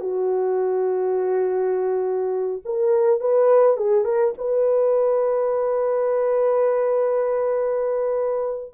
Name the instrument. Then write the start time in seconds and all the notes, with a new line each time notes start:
horn
0.00 F#4
2.65 A#4
3.20 B4
3.77 G#4
4.05 A#4
4.37 B4